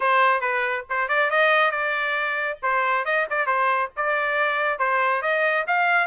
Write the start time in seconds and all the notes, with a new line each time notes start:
0.00 C5
0.40 B4
0.89 C5
1.08 D5
1.30 D#5
1.71 D5
2.62 C5
3.05 D#5
3.30 D5
3.46 C5
3.96 D5
4.78 C5
5.22 D#5
5.67 F5